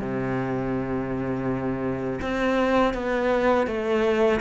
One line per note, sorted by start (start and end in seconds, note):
0.00 2.20 C3
2.21 2.93 C4
2.93 3.67 B3
3.67 4.40 A3